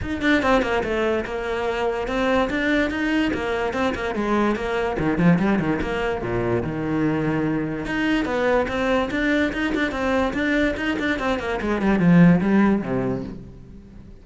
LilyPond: \new Staff \with { instrumentName = "cello" } { \time 4/4 \tempo 4 = 145 dis'8 d'8 c'8 ais8 a4 ais4~ | ais4 c'4 d'4 dis'4 | ais4 c'8 ais8 gis4 ais4 | dis8 f8 g8 dis8 ais4 ais,4 |
dis2. dis'4 | b4 c'4 d'4 dis'8 d'8 | c'4 d'4 dis'8 d'8 c'8 ais8 | gis8 g8 f4 g4 c4 | }